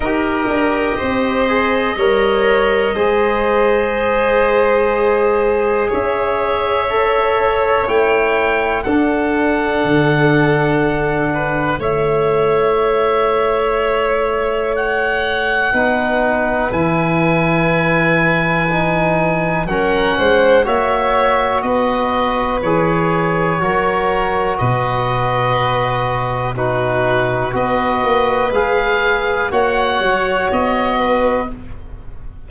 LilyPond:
<<
  \new Staff \with { instrumentName = "oboe" } { \time 4/4 \tempo 4 = 61 dis''1~ | dis''2 e''2 | g''4 fis''2. | e''2. fis''4~ |
fis''4 gis''2. | fis''4 e''4 dis''4 cis''4~ | cis''4 dis''2 b'4 | dis''4 f''4 fis''4 dis''4 | }
  \new Staff \with { instrumentName = "violin" } { \time 4/4 ais'4 c''4 cis''4 c''4~ | c''2 cis''2~ | cis''4 a'2~ a'8 b'8 | cis''1 |
b'1 | ais'8 c''8 cis''4 b'2 | ais'4 b'2 fis'4 | b'2 cis''4. b'8 | }
  \new Staff \with { instrumentName = "trombone" } { \time 4/4 g'4. gis'8 ais'4 gis'4~ | gis'2. a'4 | e'4 d'2. | e'1 |
dis'4 e'2 dis'4 | cis'4 fis'2 gis'4 | fis'2. dis'4 | fis'4 gis'4 fis'2 | }
  \new Staff \with { instrumentName = "tuba" } { \time 4/4 dis'8 d'8 c'4 g4 gis4~ | gis2 cis'2 | a4 d'4 d2 | a1 |
b4 e2. | fis8 gis8 ais4 b4 e4 | fis4 b,2. | b8 ais8 gis4 ais8 fis8 b4 | }
>>